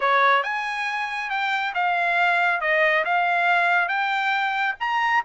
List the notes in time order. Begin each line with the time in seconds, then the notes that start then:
0.00 C#5
0.43 G#5
1.30 G5
1.74 F5
2.60 D#5
3.04 F5
3.88 G5
4.79 A#5